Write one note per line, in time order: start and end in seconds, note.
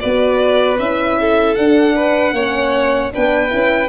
0.00 0.79 B3
0.00 0.78 F#4
0.00 1.19 B4
0.00 0.78 D5
0.79 1.57 C#4
0.79 1.58 E4
0.79 1.55 E5
1.20 1.95 A4
1.55 2.33 D4
1.55 2.34 D4
1.55 3.11 F#5
1.95 2.34 B4
2.33 3.11 A#3
2.33 3.11 C#4
2.33 3.12 C#5
3.11 3.53 B3
3.11 3.49 D4
3.11 3.89 B4
3.11 3.89 G5
3.49 3.89 C#4
3.49 3.88 E4